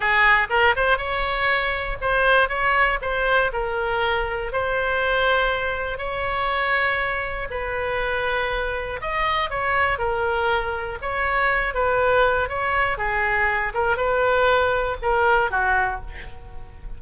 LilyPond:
\new Staff \with { instrumentName = "oboe" } { \time 4/4 \tempo 4 = 120 gis'4 ais'8 c''8 cis''2 | c''4 cis''4 c''4 ais'4~ | ais'4 c''2. | cis''2. b'4~ |
b'2 dis''4 cis''4 | ais'2 cis''4. b'8~ | b'4 cis''4 gis'4. ais'8 | b'2 ais'4 fis'4 | }